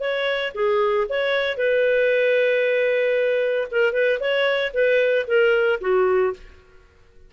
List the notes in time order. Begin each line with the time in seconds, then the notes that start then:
0.00 C#5
0.54 G#4
1.09 C#5
1.57 B4
3.71 A#4
3.93 B4
4.20 C#5
4.73 B4
5.27 A#4
5.81 F#4